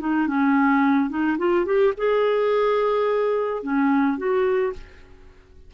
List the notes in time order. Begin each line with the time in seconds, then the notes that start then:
0.00 D#4
0.27 C#4
1.09 D#4
1.38 F4
1.65 G4
1.97 G#4
3.63 C#4
4.17 F#4